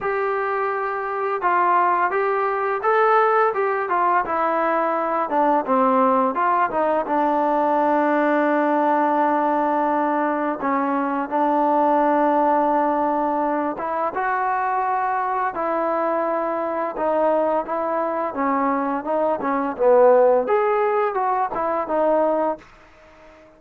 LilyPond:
\new Staff \with { instrumentName = "trombone" } { \time 4/4 \tempo 4 = 85 g'2 f'4 g'4 | a'4 g'8 f'8 e'4. d'8 | c'4 f'8 dis'8 d'2~ | d'2. cis'4 |
d'2.~ d'8 e'8 | fis'2 e'2 | dis'4 e'4 cis'4 dis'8 cis'8 | b4 gis'4 fis'8 e'8 dis'4 | }